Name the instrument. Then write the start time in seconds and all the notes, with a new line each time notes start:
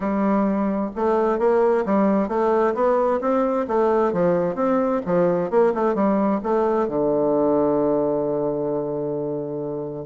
bassoon
0.00 G3
0.95 A3
1.38 A#3
1.85 G3
2.28 A3
2.74 B3
3.20 C4
3.67 A3
4.13 F3
4.55 C4
5.05 F3
5.50 A#3
5.74 A3
5.94 G3
6.43 A3
6.87 D3